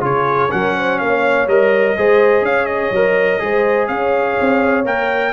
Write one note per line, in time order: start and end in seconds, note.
0.00 0.49 C#3
0.00 0.48 F4
0.00 0.51 G#4
0.00 0.51 C#5
0.50 1.01 F#3
0.50 1.47 C#4
0.50 0.76 A#4
0.50 0.98 F#5
0.76 1.00 C5
0.98 1.47 A#3
0.98 1.97 C#5
0.98 1.47 F5
1.47 1.95 G3
1.47 1.96 A#4
1.47 2.45 D#5
1.97 2.41 G#3
1.97 2.94 G#4
1.97 2.45 C5
2.41 2.90 C#4
2.41 3.42 C#5
2.41 2.65 F5
2.65 3.86 D#5
2.91 3.39 F#3
2.91 3.39 A#4
3.39 3.89 G#3
3.39 4.84 G#4
3.39 3.89 C5
3.87 4.37 C#4
3.87 5.32 C#5
3.87 4.84 F5
4.40 4.84 C4
4.84 5.32 A#3
4.84 5.32 A#4
4.84 5.32 G5